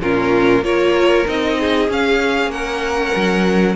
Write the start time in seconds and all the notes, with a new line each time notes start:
0.00 A#2 C#4 F4 A#4
0.62 A#3 F4 A#4 C#5
1.27 C4 D#4 D#5
1.59 G#4
1.89 C#4 F5
2.47 A#3 F#5
2.53 A#4
3.16 F#3